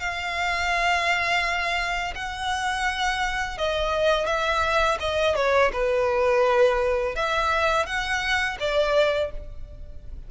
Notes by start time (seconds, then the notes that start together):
0.00 F5
2.16 F#5
3.58 D#5
4.27 E5
5.00 D#5
5.36 C#5
5.73 B4
7.16 E5
7.87 F#5
8.60 D5